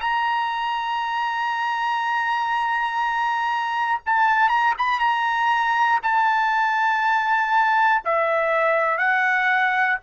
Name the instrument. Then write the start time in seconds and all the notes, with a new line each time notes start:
trumpet
0.00 A#5
4.06 A5
4.49 A#5
4.78 B5
5.00 A#5
6.02 A5
8.05 E5
8.98 F#5